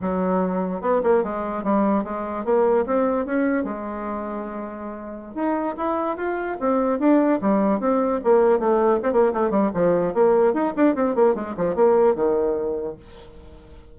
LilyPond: \new Staff \with { instrumentName = "bassoon" } { \time 4/4 \tempo 4 = 148 fis2 b8 ais8 gis4 | g4 gis4 ais4 c'4 | cis'4 gis2.~ | gis4~ gis16 dis'4 e'4 f'8.~ |
f'16 c'4 d'4 g4 c'8.~ | c'16 ais4 a4 c'16 ais8 a8 g8 | f4 ais4 dis'8 d'8 c'8 ais8 | gis8 f8 ais4 dis2 | }